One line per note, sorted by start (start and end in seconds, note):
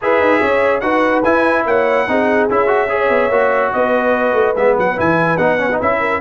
0.01 0.19 E4
0.01 0.82 G#4
0.01 0.40 B4
0.01 0.80 E5
0.19 0.40 D#4
0.40 0.81 C#4
0.40 0.81 C#5
0.80 1.23 D#4
0.80 1.23 F#4
0.80 1.65 B4
0.80 1.21 F#5
1.23 1.65 E4
1.23 2.08 E4
1.23 1.65 G#5
1.65 2.07 A#3
1.65 2.08 C#5
1.65 2.49 F#5
2.07 2.49 C4
2.07 2.49 D#4
2.07 2.89 G#4
2.49 3.09 C#4
2.49 2.67 E4
2.49 3.72 E5
2.67 2.88 F#4
2.89 3.30 G#4
2.89 3.72 C#5
3.09 3.29 B3
3.29 3.70 A#3
3.29 4.55 F#4
3.72 4.33 B3
3.72 5.99 B4
3.72 4.55 D#5
4.33 4.54 A3
4.56 4.76 G#3
4.56 4.96 B3
4.56 4.76 E5
4.77 4.98 F#3
4.77 4.99 F#5
4.96 5.37 E3
4.96 5.37 E4
4.96 5.37 G#5
5.37 5.79 B3
5.37 5.58 D#4
5.37 5.78 F#5
5.58 5.69 C#4
5.72 5.81 D#4
5.81 6.20 C#4
5.81 6.20 E4
5.81 6.20 E5
5.99 6.20 A#4